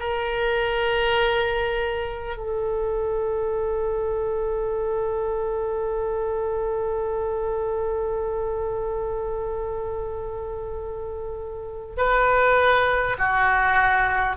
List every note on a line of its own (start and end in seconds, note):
0.00 2.37 A#4
2.37 11.97 A4
11.98 13.18 B4
13.18 14.37 F#4